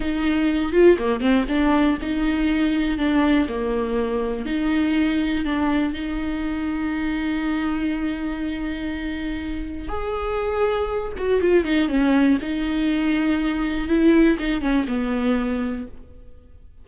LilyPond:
\new Staff \with { instrumentName = "viola" } { \time 4/4 \tempo 4 = 121 dis'4. f'8 ais8 c'8 d'4 | dis'2 d'4 ais4~ | ais4 dis'2 d'4 | dis'1~ |
dis'1 | gis'2~ gis'8 fis'8 f'8 dis'8 | cis'4 dis'2. | e'4 dis'8 cis'8 b2 | }